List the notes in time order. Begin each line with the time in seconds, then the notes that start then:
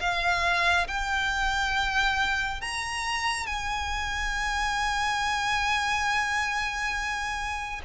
0.00 F5
0.87 G5
2.61 A#5
3.46 G#5